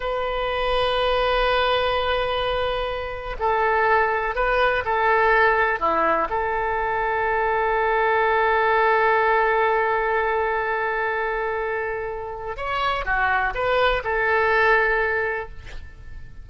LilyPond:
\new Staff \with { instrumentName = "oboe" } { \time 4/4 \tempo 4 = 124 b'1~ | b'2. a'4~ | a'4 b'4 a'2 | e'4 a'2.~ |
a'1~ | a'1~ | a'2 cis''4 fis'4 | b'4 a'2. | }